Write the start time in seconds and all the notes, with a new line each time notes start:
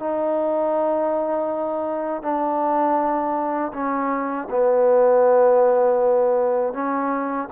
0.00 D#4
2.23 D4
3.74 C#4
4.50 B3
6.74 C#4